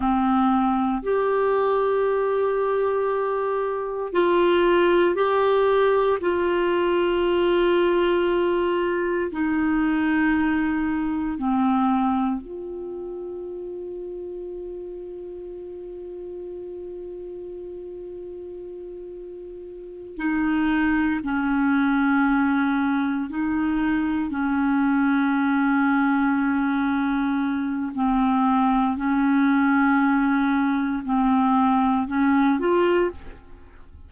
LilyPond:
\new Staff \with { instrumentName = "clarinet" } { \time 4/4 \tempo 4 = 58 c'4 g'2. | f'4 g'4 f'2~ | f'4 dis'2 c'4 | f'1~ |
f'2.~ f'8 dis'8~ | dis'8 cis'2 dis'4 cis'8~ | cis'2. c'4 | cis'2 c'4 cis'8 f'8 | }